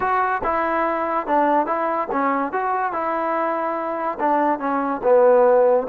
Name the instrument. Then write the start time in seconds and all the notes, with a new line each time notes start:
trombone
0.00 F#4
0.43 E4
1.26 D4
1.66 E4
2.11 C#4
2.52 F#4
2.92 E4
4.19 D4
4.59 C#4
5.03 B3